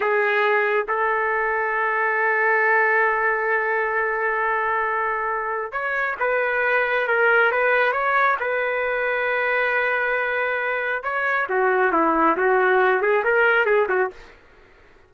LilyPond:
\new Staff \with { instrumentName = "trumpet" } { \time 4/4 \tempo 4 = 136 gis'2 a'2~ | a'1~ | a'1~ | a'4 cis''4 b'2 |
ais'4 b'4 cis''4 b'4~ | b'1~ | b'4 cis''4 fis'4 e'4 | fis'4. gis'8 ais'4 gis'8 fis'8 | }